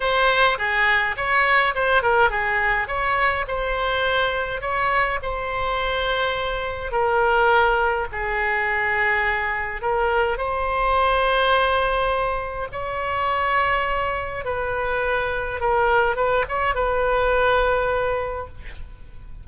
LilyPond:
\new Staff \with { instrumentName = "oboe" } { \time 4/4 \tempo 4 = 104 c''4 gis'4 cis''4 c''8 ais'8 | gis'4 cis''4 c''2 | cis''4 c''2. | ais'2 gis'2~ |
gis'4 ais'4 c''2~ | c''2 cis''2~ | cis''4 b'2 ais'4 | b'8 cis''8 b'2. | }